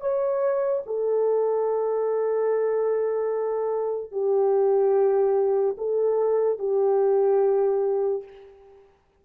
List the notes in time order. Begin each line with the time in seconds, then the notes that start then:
0.00 C#5
0.86 A4
4.11 G4
5.77 A4
6.58 G4